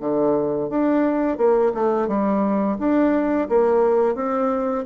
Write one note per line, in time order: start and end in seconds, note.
0.00 0.69 D3
0.69 1.37 D4
1.37 1.72 A#3
1.74 2.08 A3
2.08 2.77 G3
2.78 3.48 D4
3.49 4.15 A#3
4.15 4.85 C4